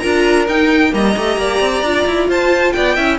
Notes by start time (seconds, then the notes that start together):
0.00 D4 F4 A#4 A#5
0.48 D#4 G5
0.92 G3 A#3 D#5 A#5
1.18 A3 G4
1.38 A#3 D5
1.61 C4
1.83 D4 F4
2.07 E4
2.29 F4 C5 A5
2.73 B3 D5 G5
2.96 C#4 E4 E5